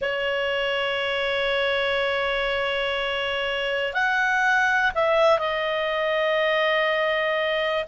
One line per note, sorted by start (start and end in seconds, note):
0.00 3.93 C#5
3.93 4.91 F#5
4.94 5.38 E5
5.38 7.84 D#5